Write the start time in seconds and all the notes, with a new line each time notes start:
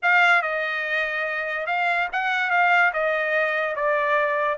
0.02 F5
0.42 D#5
1.66 F5
2.12 F#5
2.50 F5
2.93 D#5
3.75 D5